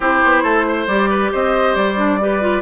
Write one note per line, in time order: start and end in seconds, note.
0.00 0.22 C4
0.00 0.88 E4
0.00 0.43 G4
0.00 0.87 C5
0.24 0.43 B3
0.43 0.86 A3
0.43 0.65 A4
0.68 1.09 C5
0.87 1.31 G3
0.87 1.96 G4
0.87 1.30 D5
1.09 1.31 B4
1.32 1.75 C4
1.32 2.19 C5
1.32 1.74 D#5
1.74 2.61 G3
1.74 2.61 D5
1.96 2.18 D4
2.20 2.41 G4
2.20 2.61 B4
2.41 2.61 F4